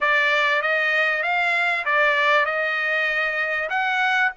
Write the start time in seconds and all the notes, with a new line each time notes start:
0.00 D5
0.62 D#5
1.23 F5
1.85 D5
2.45 D#5
3.69 F#5